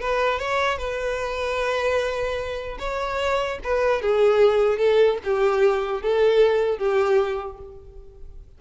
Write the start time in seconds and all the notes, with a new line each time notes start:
0.00 B4
0.39 C#5
0.78 B4
2.79 C#5
3.63 B4
4.01 G#4
4.77 A4
5.23 G4
6.02 A4
6.78 G4